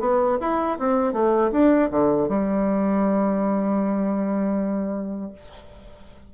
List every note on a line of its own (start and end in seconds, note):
0.00 0.38 B3
0.40 0.78 E4
0.79 1.13 C4
1.13 1.51 A3
1.52 1.90 D4
1.91 2.28 D3
2.28 5.32 G3